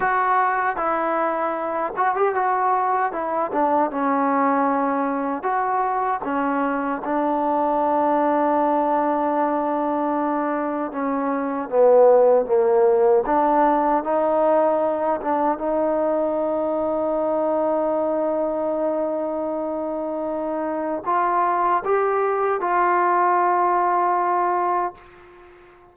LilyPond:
\new Staff \with { instrumentName = "trombone" } { \time 4/4 \tempo 4 = 77 fis'4 e'4. fis'16 g'16 fis'4 | e'8 d'8 cis'2 fis'4 | cis'4 d'2.~ | d'2 cis'4 b4 |
ais4 d'4 dis'4. d'8 | dis'1~ | dis'2. f'4 | g'4 f'2. | }